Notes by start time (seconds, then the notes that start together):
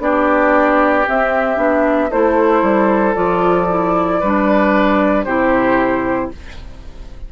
0.00 B3 D4 G4 D5
1.06 C4 E5
1.57 B3 D4
2.10 A3 E4 A4 C5
2.62 G3
3.15 F3 F4 D5
3.70 E4
4.20 G3 D4 B4
5.24 C3 E4 G4 C5